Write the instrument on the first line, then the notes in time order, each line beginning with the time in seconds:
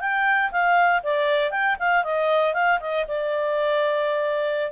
clarinet
0.00 G5
0.51 F5
1.03 D5
1.51 G5
1.79 F5
2.04 D#5
2.54 F5
2.80 D#5
3.08 D5